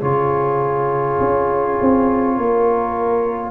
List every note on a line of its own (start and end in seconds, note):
0.00 1.19 C#3
0.00 3.51 F4
0.00 2.35 G#4
0.00 3.51 C#5
1.19 1.78 C#4
1.81 2.37 C4
2.37 3.51 A#3
2.37 3.51 A#4